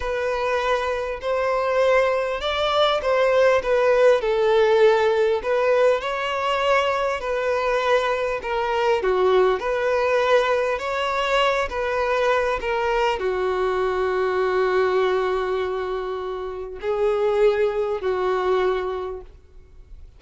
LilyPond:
\new Staff \with { instrumentName = "violin" } { \time 4/4 \tempo 4 = 100 b'2 c''2 | d''4 c''4 b'4 a'4~ | a'4 b'4 cis''2 | b'2 ais'4 fis'4 |
b'2 cis''4. b'8~ | b'4 ais'4 fis'2~ | fis'1 | gis'2 fis'2 | }